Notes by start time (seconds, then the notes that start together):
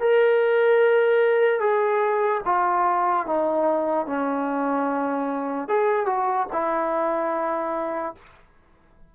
0.00 A#4
1.60 G#4
2.45 F4
3.26 D#4
4.06 C#4
5.68 G#4
6.06 F#4
6.52 E4